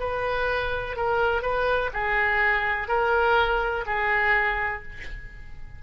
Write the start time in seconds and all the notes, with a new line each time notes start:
0.00 B4
0.97 A#4
1.43 B4
1.94 G#4
2.89 A#4
3.86 G#4